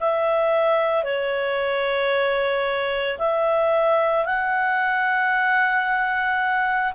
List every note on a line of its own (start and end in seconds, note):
0.00 1.04 E5
1.04 3.18 C#5
3.18 4.25 E5
4.25 6.93 F#5